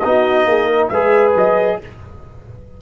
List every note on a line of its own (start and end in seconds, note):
0.00 0.46 B3
0.00 0.93 D#4
0.00 0.88 D#5
0.07 0.49 F#4
0.46 0.90 A#3
0.46 0.67 G#4
0.67 0.89 A#4
0.89 1.35 G#3
0.89 1.82 G#4
0.89 1.80 B4
0.89 1.33 E5
1.36 1.80 F#3
1.36 1.82 D#5